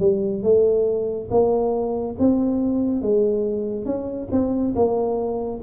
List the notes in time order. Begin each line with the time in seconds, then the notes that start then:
0.00 G3
0.43 A3
1.31 A#3
2.19 C4
3.02 G#3
3.85 C#4
4.32 C4
4.75 A#3